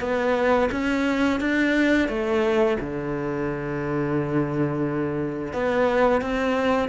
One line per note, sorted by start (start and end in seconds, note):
0.00 0.69 B3
0.71 1.40 C#4
1.40 2.08 D4
2.08 2.77 A3
2.80 5.53 D3
5.53 6.21 B3
6.21 6.88 C4